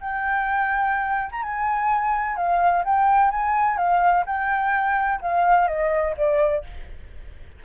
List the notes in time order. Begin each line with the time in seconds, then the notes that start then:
0.00 G5
1.31 A#5
1.42 G#5
2.36 F5
2.84 G5
3.30 G#5
3.77 F5
4.26 G5
5.21 F5
5.67 D#5
6.17 D5